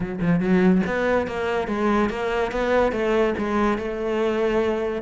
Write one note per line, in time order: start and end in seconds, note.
0.00 0.19 F#3
0.21 0.39 F3
0.39 0.81 F#3
0.86 1.27 B3
1.27 1.67 A#3
1.67 2.09 G#3
2.09 2.51 A#3
2.51 2.92 B3
2.92 3.34 A3
3.38 3.78 G#3
3.78 5.02 A3